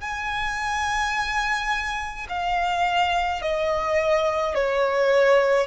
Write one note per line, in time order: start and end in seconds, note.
0.00 2.26 G#5
2.29 3.41 F5
3.41 4.54 D#5
4.54 5.67 C#5